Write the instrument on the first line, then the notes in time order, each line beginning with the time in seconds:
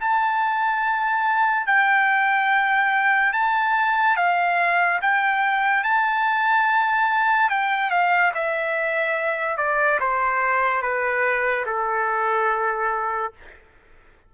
trumpet
0.00 A5
1.67 G5
3.33 A5
4.17 F5
5.02 G5
5.84 A5
7.50 G5
7.91 F5
8.35 E5
9.58 D5
10.00 C5
10.82 B4
11.66 A4